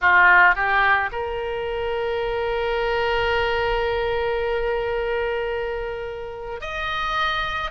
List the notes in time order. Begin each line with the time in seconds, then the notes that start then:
0.01 F4
0.55 G4
1.12 A#4
6.60 D#5